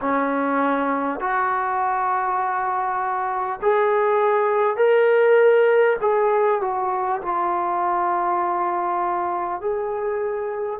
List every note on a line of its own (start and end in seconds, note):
0.01 1.20 C#4
1.20 3.60 F#4
3.62 4.77 G#4
4.77 5.97 A#4
6.01 6.61 G#4
6.61 7.21 F#4
7.22 9.60 F4
9.60 10.79 G#4